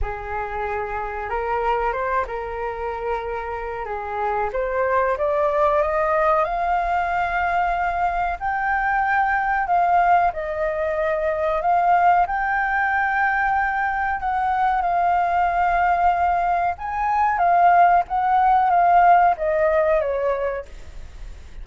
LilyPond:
\new Staff \with { instrumentName = "flute" } { \time 4/4 \tempo 4 = 93 gis'2 ais'4 c''8 ais'8~ | ais'2 gis'4 c''4 | d''4 dis''4 f''2~ | f''4 g''2 f''4 |
dis''2 f''4 g''4~ | g''2 fis''4 f''4~ | f''2 gis''4 f''4 | fis''4 f''4 dis''4 cis''4 | }